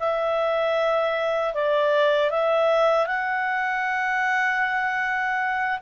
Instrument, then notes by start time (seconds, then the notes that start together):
clarinet
0.00 E5
1.54 D5
2.31 E5
3.07 F#5